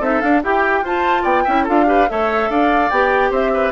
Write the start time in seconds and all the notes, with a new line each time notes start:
0.00 C4 D#4 A4 E5
0.21 D4 F5
0.44 E4 G4 G5
0.82 F4 C5 A5
1.23 B3 D5 G5
1.44 C#4 E4 E5
1.64 D4 F4 A4 F5
1.87 G4 B4
2.09 A3 A4 C#5 E5
2.49 D4 D5 F5
2.91 B3 G4 G5
3.31 C4 C5 E5
3.54 B4